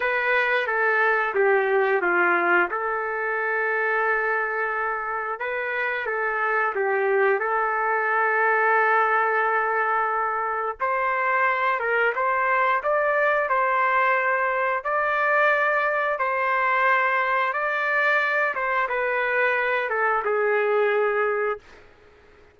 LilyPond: \new Staff \with { instrumentName = "trumpet" } { \time 4/4 \tempo 4 = 89 b'4 a'4 g'4 f'4 | a'1 | b'4 a'4 g'4 a'4~ | a'1 |
c''4. ais'8 c''4 d''4 | c''2 d''2 | c''2 d''4. c''8 | b'4. a'8 gis'2 | }